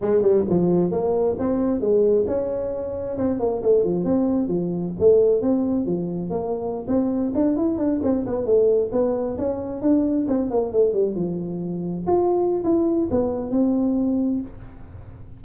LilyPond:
\new Staff \with { instrumentName = "tuba" } { \time 4/4 \tempo 4 = 133 gis8 g8 f4 ais4 c'4 | gis4 cis'2 c'8 ais8 | a8 f8 c'4 f4 a4 | c'4 f4 ais4~ ais16 c'8.~ |
c'16 d'8 e'8 d'8 c'8 b8 a4 b16~ | b8. cis'4 d'4 c'8 ais8 a16~ | a16 g8 f2 f'4~ f'16 | e'4 b4 c'2 | }